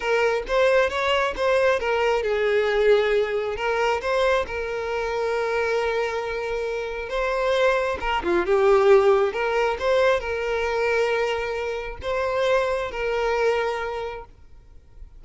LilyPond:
\new Staff \with { instrumentName = "violin" } { \time 4/4 \tempo 4 = 135 ais'4 c''4 cis''4 c''4 | ais'4 gis'2. | ais'4 c''4 ais'2~ | ais'1 |
c''2 ais'8 f'8 g'4~ | g'4 ais'4 c''4 ais'4~ | ais'2. c''4~ | c''4 ais'2. | }